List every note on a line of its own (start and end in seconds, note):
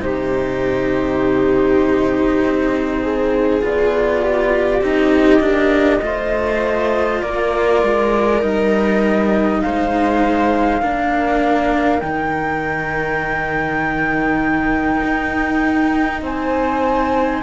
0.00 2.41 C3
0.00 3.60 D#4
0.00 3.02 G4
0.00 3.62 C5
2.44 3.62 C4
3.02 4.22 G#4
3.60 4.81 B3
3.60 4.80 F4
3.60 4.83 D5
4.22 6.03 G4
4.81 5.39 C4
4.81 5.40 D#4
4.81 7.21 D#5
5.39 5.99 A#3
5.39 6.00 D4
6.02 7.21 A3
6.02 8.40 F4
6.02 7.21 C5
7.21 7.82 A#3
7.21 9.62 A#4
7.21 8.41 D5
7.83 8.42 G#3
8.40 9.62 G3
8.40 10.80 D#4
8.40 9.61 D#5
9.61 10.82 G#3
9.61 10.81 C5
9.61 12.00 F5
10.81 12.02 A#3
10.81 12.01 D4
10.81 16.21 A#4
12.00 15.02 D#3
12.00 17.42 D#4
12.00 16.20 G5
15.02 16.21 D#4
16.21 17.41 C4
16.21 17.42 C5
16.21 17.42 G#5